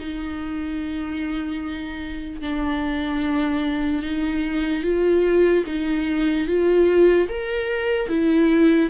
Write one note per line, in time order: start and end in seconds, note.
0.00 2.42 D#4
2.42 4.03 D4
4.03 4.84 D#4
4.84 5.65 F4
5.66 6.48 D#4
6.48 7.29 F4
7.29 8.09 A#4
8.09 8.90 E4